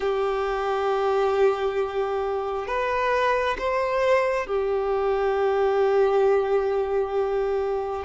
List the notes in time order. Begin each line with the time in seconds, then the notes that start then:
0.00 G4
2.67 B4
3.58 C5
4.47 G4